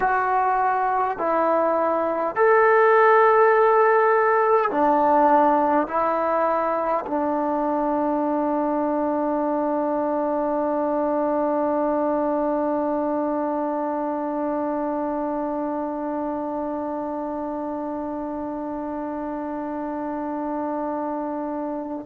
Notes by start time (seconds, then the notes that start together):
0.00 F#4
1.18 E4
2.35 A4
4.71 D4
5.87 E4
7.06 D4